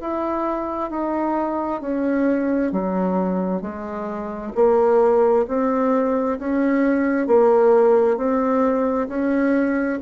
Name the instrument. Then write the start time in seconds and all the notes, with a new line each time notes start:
bassoon
0.00 E4
0.90 D#4
1.81 C#4
2.71 F#3
3.61 G#3
4.55 A#3
5.48 C4
6.39 C#4
7.27 A#3
8.17 C4
9.08 C#4